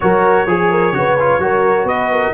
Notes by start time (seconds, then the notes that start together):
0.00 F#3 F#4 A#4 C#5
0.46 F3 G#4
0.70 A#4
0.92 C#3 F#4 B4
1.19 F4
1.38 F#3 F#4 A#4
1.83 B3 B4 D#5
2.11 A#4